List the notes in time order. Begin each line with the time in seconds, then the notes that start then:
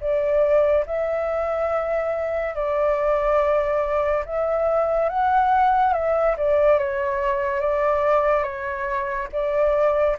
0.00 D5
0.86 E5
2.55 D5
4.25 E5
5.09 F#5
5.93 E5
6.37 D5
6.79 C#5
7.60 D5
8.43 C#5
9.32 D5